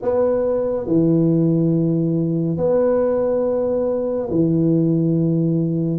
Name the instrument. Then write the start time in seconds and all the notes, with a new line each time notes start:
tuba
0.02 B3
0.86 E3
2.57 B3
4.30 E3